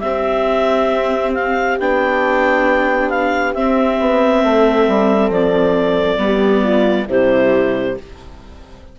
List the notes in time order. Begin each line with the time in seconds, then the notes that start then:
0.00 C4 G4 E5
1.34 F5
1.79 B3 D4 G5
3.10 F5
3.54 C4 E5
3.99 B3
4.44 A3 A4
4.88 G3
5.31 F3 D5
6.18 G3 B3
6.24 G4
6.64 F4
7.07 C3 G3 E4 C5